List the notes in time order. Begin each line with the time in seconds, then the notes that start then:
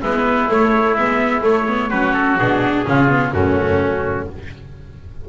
0.00 G#3 B3 E4 B4
0.48 A3 C#5
0.94 G#3 B3 E5
1.40 A3 C#5
1.67 B3
1.88 F#3 C#4 F#4 B4
2.13 A4
2.38 B2 D4 G#4
2.85 C#3 C#4 F4
3.08 B3
3.32 F#2 A3 C#4 F#4